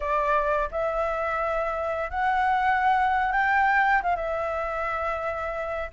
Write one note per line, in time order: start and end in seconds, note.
0.00 0.69 D5
0.71 2.10 E5
2.10 3.32 F#5
3.32 4.01 G5
4.02 4.15 F5
4.15 5.90 E5